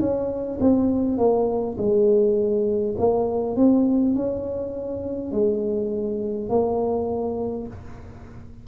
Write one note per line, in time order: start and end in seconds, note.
0.00 0.59 C#4
0.60 1.18 C4
1.18 1.77 A#3
1.78 2.96 G#3
2.98 3.56 A#3
3.56 4.15 C4
4.16 5.32 C#4
5.32 6.50 G#3
6.50 7.67 A#3